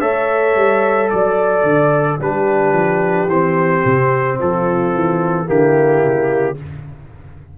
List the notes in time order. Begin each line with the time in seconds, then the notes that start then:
0.00 A3 A4 C#5 E5
0.55 G3
1.10 F#3 D5
1.63 D3
2.19 G3 D4 G4 B4
2.72 F3
3.27 E3 C4 C5
3.85 C3
4.39 F3 F4 A4
4.94 E3
5.45 D3 A#3 E4 G4
6.03 C#3